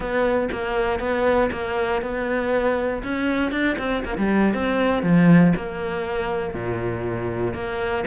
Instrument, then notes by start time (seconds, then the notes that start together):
cello
0.00 B3
0.52 A#3
0.99 B3
1.51 A#3
2.01 B3
3.03 C#4
3.51 D4
3.78 C4
4.04 A#3
4.17 G3
4.54 C4
5.02 F3
5.56 A#3
6.53 A#2
7.54 A#3